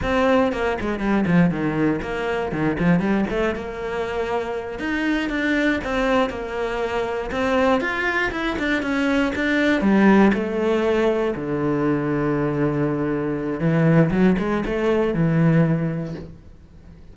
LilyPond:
\new Staff \with { instrumentName = "cello" } { \time 4/4 \tempo 4 = 119 c'4 ais8 gis8 g8 f8 dis4 | ais4 dis8 f8 g8 a8 ais4~ | ais4. dis'4 d'4 c'8~ | c'8 ais2 c'4 f'8~ |
f'8 e'8 d'8 cis'4 d'4 g8~ | g8 a2 d4.~ | d2. e4 | fis8 gis8 a4 e2 | }